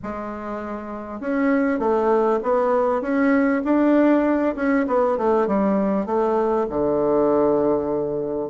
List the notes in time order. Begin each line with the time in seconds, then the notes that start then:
0.02 G#3
1.20 C#4
1.79 A3
2.42 B3
3.01 C#4
3.64 D4
4.55 C#4
4.87 B3
5.17 A3
5.47 G3
6.06 A3
6.69 D3